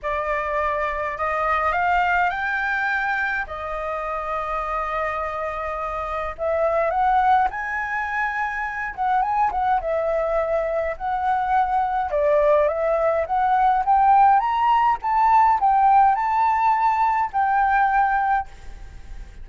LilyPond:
\new Staff \with { instrumentName = "flute" } { \time 4/4 \tempo 4 = 104 d''2 dis''4 f''4 | g''2 dis''2~ | dis''2. e''4 | fis''4 gis''2~ gis''8 fis''8 |
gis''8 fis''8 e''2 fis''4~ | fis''4 d''4 e''4 fis''4 | g''4 ais''4 a''4 g''4 | a''2 g''2 | }